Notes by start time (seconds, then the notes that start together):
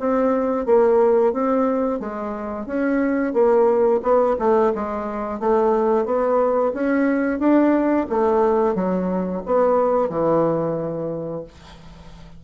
0.00 C4
0.66 A#3
1.34 C4
2.00 G#3
2.67 C#4
3.34 A#3
4.03 B3
4.39 A3
4.76 G#3
5.40 A3
6.06 B3
6.74 C#4
7.40 D4
8.10 A3
8.75 F#3
9.46 B3
10.10 E3